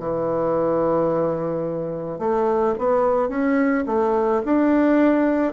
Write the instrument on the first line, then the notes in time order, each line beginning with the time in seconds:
bassoon
0.00 E3
2.19 A3
2.79 B3
3.29 C#4
3.87 A3
4.45 D4